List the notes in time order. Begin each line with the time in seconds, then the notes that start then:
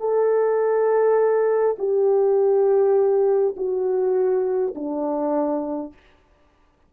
0.00 A4
1.79 G4
3.57 F#4
4.75 D4